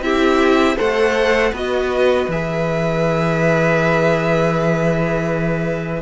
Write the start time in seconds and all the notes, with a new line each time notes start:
0.00 C4 E4 G4 E5
0.76 A3 A4 C5 F#5
1.52 B3 F#4 B4 D#5
2.27 E3 G#4 E5